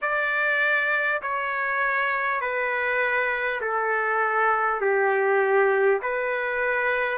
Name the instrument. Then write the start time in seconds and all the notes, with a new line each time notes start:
trumpet
0.01 D5
1.22 C#5
2.41 B4
3.61 A4
4.80 G4
6.02 B4